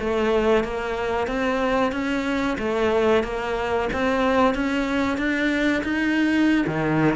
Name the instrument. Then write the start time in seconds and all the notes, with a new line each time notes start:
cello
0.00 A3
0.64 A#3
1.28 C4
1.92 C#4
2.59 A3
3.24 A#3
3.93 C4
4.55 C#4
5.18 D4
5.84 D#4
6.68 D#3